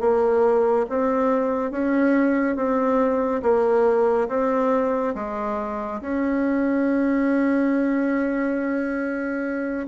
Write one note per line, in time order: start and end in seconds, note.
0.00 0.86 A#3
0.89 1.71 C4
1.71 2.56 C#4
2.56 3.41 C4
3.42 4.28 A#3
4.28 5.14 C4
5.15 6.00 G#3
6.01 9.86 C#4